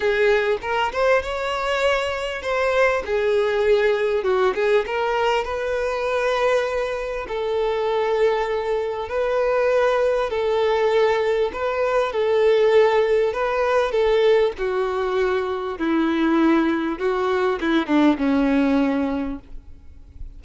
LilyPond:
\new Staff \with { instrumentName = "violin" } { \time 4/4 \tempo 4 = 99 gis'4 ais'8 c''8 cis''2 | c''4 gis'2 fis'8 gis'8 | ais'4 b'2. | a'2. b'4~ |
b'4 a'2 b'4 | a'2 b'4 a'4 | fis'2 e'2 | fis'4 e'8 d'8 cis'2 | }